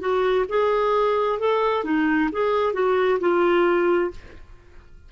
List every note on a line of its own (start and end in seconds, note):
0.00 0.45 F#4
0.49 1.39 G#4
1.39 1.84 A4
1.84 2.30 D#4
2.32 2.73 G#4
2.73 3.19 F#4
3.20 4.11 F4